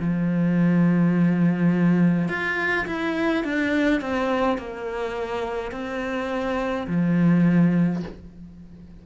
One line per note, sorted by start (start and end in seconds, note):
0.00 2.29 F3
2.29 2.86 F4
2.87 3.44 E4
3.44 4.01 D4
4.01 4.58 C4
4.58 5.72 A#3
5.72 6.87 C4
6.88 8.03 F3